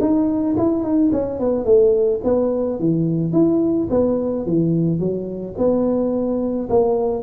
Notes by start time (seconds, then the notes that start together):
0.00 D#4
0.57 E4
0.83 D#4
1.12 C#4
1.39 B3
1.65 A3
2.23 B3
2.79 E3
3.32 E4
3.90 B3
4.45 E3
4.99 F#3
5.57 B3
6.69 A#3